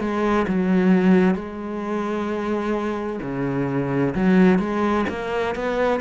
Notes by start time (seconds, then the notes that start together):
0.00 G#3
0.48 F#3
1.35 G#3
3.22 C#3
4.15 F#3
4.59 G#3
5.09 A#3
5.55 B3